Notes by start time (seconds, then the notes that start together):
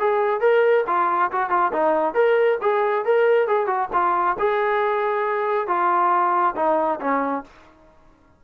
0.00 G#4
0.41 A#4
0.88 F4
1.32 F#4
1.50 F4
1.73 D#4
2.15 A#4
2.62 G#4
3.06 A#4
3.48 G#4
3.67 F#4
3.94 F4
4.40 G#4
5.68 F4
6.56 D#4
7.01 C#4